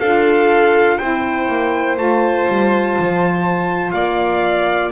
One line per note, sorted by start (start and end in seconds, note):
0.00 0.99 D4
0.00 1.00 F4
0.00 0.98 A4
0.00 0.98 F5
0.98 1.48 C4
0.98 1.97 E4
0.98 3.93 C5
0.98 1.97 G5
1.48 1.97 A#3
1.97 2.47 A3
1.97 4.92 F4
1.97 3.91 A5
2.48 2.97 G3
2.99 3.93 F3
3.91 4.91 A#3
3.91 4.92 D5
3.91 4.90 F5